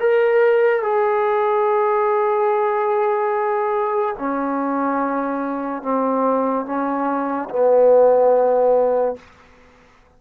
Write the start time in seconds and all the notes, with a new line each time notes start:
0.00 A#4
0.82 G#4
4.19 C#4
5.83 C4
6.66 C#4
7.50 B3